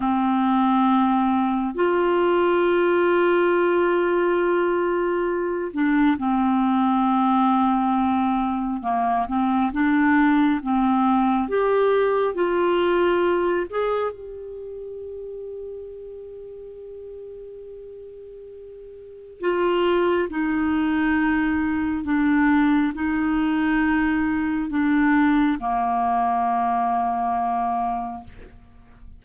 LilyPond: \new Staff \with { instrumentName = "clarinet" } { \time 4/4 \tempo 4 = 68 c'2 f'2~ | f'2~ f'8 d'8 c'4~ | c'2 ais8 c'8 d'4 | c'4 g'4 f'4. gis'8 |
g'1~ | g'2 f'4 dis'4~ | dis'4 d'4 dis'2 | d'4 ais2. | }